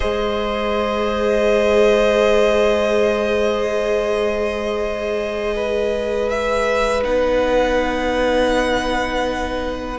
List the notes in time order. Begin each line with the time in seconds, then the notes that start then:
0.00 G#3 G#4 C5 D#5
5.55 B4
6.29 E5
7.02 B3 D#4 F#5